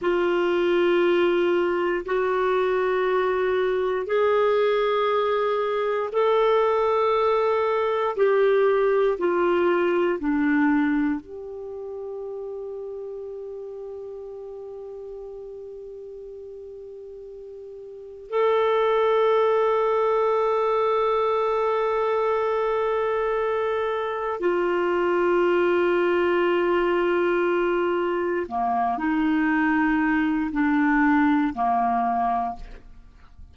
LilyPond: \new Staff \with { instrumentName = "clarinet" } { \time 4/4 \tempo 4 = 59 f'2 fis'2 | gis'2 a'2 | g'4 f'4 d'4 g'4~ | g'1~ |
g'2 a'2~ | a'1 | f'1 | ais8 dis'4. d'4 ais4 | }